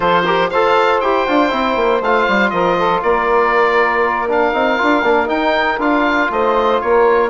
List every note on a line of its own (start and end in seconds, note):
0.00 0.50 F3
0.00 0.23 F4
0.00 0.23 A4
0.00 0.50 C5
0.23 0.50 G4
0.23 0.48 A#4
0.50 1.00 F4
0.50 1.02 A4
0.50 2.52 C5
0.50 1.00 F5
1.00 1.26 E4
1.00 1.28 G4
1.00 2.01 G5
1.28 1.52 D4
1.28 1.50 F4
1.50 1.75 C4
1.50 2.01 E4
1.75 2.01 A#3
2.01 2.26 A3
2.01 4.28 F4
2.01 2.50 F5
2.28 2.51 G3
2.50 3.02 F3
2.50 2.77 A#4
2.50 3.00 D#5
2.78 3.03 A4
3.02 4.53 A#3
3.02 6.30 A#4
3.02 4.28 D5
4.28 4.53 D4
4.28 5.28 F5
4.53 4.78 C4
4.53 4.77 D#4
4.77 5.03 D4
4.77 5.03 F4
5.03 5.28 A#3
5.03 5.26 D4
5.26 5.77 D#4
5.26 5.79 D#4
5.26 5.79 G5
5.79 6.29 D4
5.79 7.30 F4
5.79 6.31 F5
6.30 6.80 A3
6.30 6.82 C5
6.30 6.81 D#5
6.81 7.30 A#3
6.81 7.30 A#4
6.81 7.30 C#5